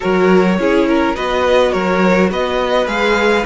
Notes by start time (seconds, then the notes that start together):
0.00 F#3 F#4 A#4 C#5
0.58 C#4 E4 G#4
0.88 A#4
1.15 B3 F#4 B4 D#5
1.71 F#3 A#4 C#5
2.31 B3 B4 D#5
2.86 G#3 G#4 F5